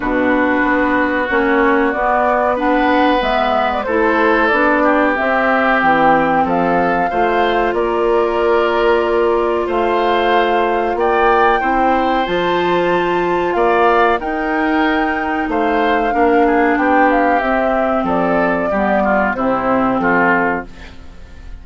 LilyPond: <<
  \new Staff \with { instrumentName = "flute" } { \time 4/4 \tempo 4 = 93 b'2 cis''4 d''4 | fis''4 e''8. d''16 c''4 d''4 | e''4 g''4 f''2 | d''2. f''4~ |
f''4 g''2 a''4~ | a''4 f''4 g''2 | f''2 g''8 f''8 e''4 | d''2 c''4 a'4 | }
  \new Staff \with { instrumentName = "oboe" } { \time 4/4 fis'1 | b'2 a'4. g'8~ | g'2 a'4 c''4 | ais'2. c''4~ |
c''4 d''4 c''2~ | c''4 d''4 ais'2 | c''4 ais'8 gis'8 g'2 | a'4 g'8 f'8 e'4 f'4 | }
  \new Staff \with { instrumentName = "clarinet" } { \time 4/4 d'2 cis'4 b4 | d'4 b4 e'4 d'4 | c'2. f'4~ | f'1~ |
f'2 e'4 f'4~ | f'2 dis'2~ | dis'4 d'2 c'4~ | c'4 b4 c'2 | }
  \new Staff \with { instrumentName = "bassoon" } { \time 4/4 b,4 b4 ais4 b4~ | b4 gis4 a4 b4 | c'4 e4 f4 a4 | ais2. a4~ |
a4 ais4 c'4 f4~ | f4 ais4 dis'2 | a4 ais4 b4 c'4 | f4 g4 c4 f4 | }
>>